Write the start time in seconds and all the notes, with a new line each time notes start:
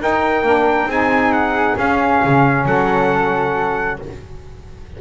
0.00 D#4 A#4 G5
0.42 A#3 D4
0.85 C4 D#4 G#4 G#5
1.32 F#5
1.77 C#4 F5
2.24 C#3
2.66 F#3 A4 F#5